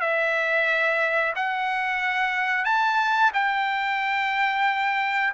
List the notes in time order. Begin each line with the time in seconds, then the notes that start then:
0.00 E5
1.35 F#5
2.64 A5
3.33 G5